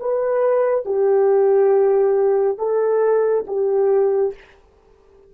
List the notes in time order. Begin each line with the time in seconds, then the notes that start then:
0.00 B4
0.85 G4
2.58 A4
3.47 G4